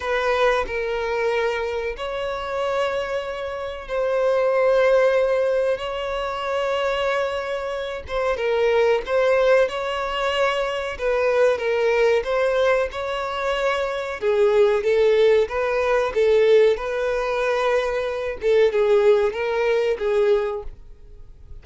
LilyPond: \new Staff \with { instrumentName = "violin" } { \time 4/4 \tempo 4 = 93 b'4 ais'2 cis''4~ | cis''2 c''2~ | c''4 cis''2.~ | cis''8 c''8 ais'4 c''4 cis''4~ |
cis''4 b'4 ais'4 c''4 | cis''2 gis'4 a'4 | b'4 a'4 b'2~ | b'8 a'8 gis'4 ais'4 gis'4 | }